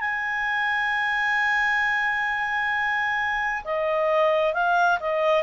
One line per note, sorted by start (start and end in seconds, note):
0.00 3.64 G#5
3.64 4.54 D#5
4.54 4.99 F5
5.00 5.43 D#5